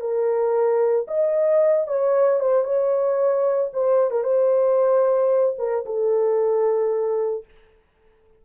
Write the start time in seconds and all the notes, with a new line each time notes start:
0.00 A#4
1.07 D#5
1.87 C#5
2.39 C5
2.64 C#5
3.73 C5
4.10 A#4
4.23 C5
5.58 A#4
5.85 A4